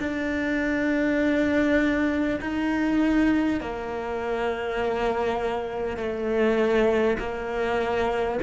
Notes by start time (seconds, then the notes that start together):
0.00 D4
2.41 D#4
3.61 A#3
5.97 A3
7.19 A#3